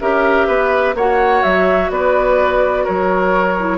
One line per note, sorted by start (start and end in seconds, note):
0.00 0.48 C#4
0.00 0.95 G4
0.00 0.47 A#4
0.00 0.95 E5
0.47 0.94 B3
0.47 0.95 B4
0.94 1.42 A#3
0.94 3.59 F#4
0.94 1.91 C#5
0.94 1.42 F#5
1.42 1.90 F#3
1.42 1.90 E5
1.90 2.85 B3
1.90 2.84 B4
1.90 2.85 D5
2.84 3.77 F#3
2.84 3.77 A#4
2.84 3.77 C#5
3.59 3.77 E4